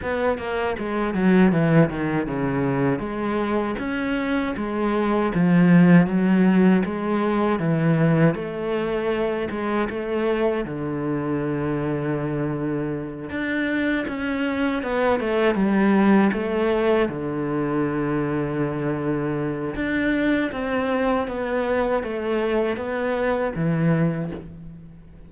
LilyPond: \new Staff \with { instrumentName = "cello" } { \time 4/4 \tempo 4 = 79 b8 ais8 gis8 fis8 e8 dis8 cis4 | gis4 cis'4 gis4 f4 | fis4 gis4 e4 a4~ | a8 gis8 a4 d2~ |
d4. d'4 cis'4 b8 | a8 g4 a4 d4.~ | d2 d'4 c'4 | b4 a4 b4 e4 | }